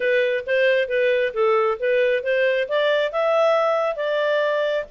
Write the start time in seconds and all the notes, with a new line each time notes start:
0.00 B4
0.46 C5
0.88 B4
1.33 A4
1.79 B4
2.23 C5
2.68 D5
3.12 E5
3.96 D5